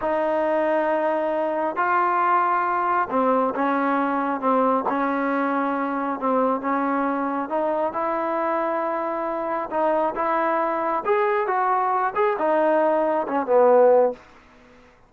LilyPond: \new Staff \with { instrumentName = "trombone" } { \time 4/4 \tempo 4 = 136 dis'1 | f'2. c'4 | cis'2 c'4 cis'4~ | cis'2 c'4 cis'4~ |
cis'4 dis'4 e'2~ | e'2 dis'4 e'4~ | e'4 gis'4 fis'4. gis'8 | dis'2 cis'8 b4. | }